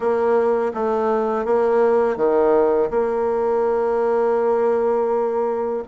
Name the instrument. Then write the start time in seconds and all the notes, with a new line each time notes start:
bassoon
0.00 A#3
0.74 A3
1.45 A#3
2.16 D#3
2.90 A#3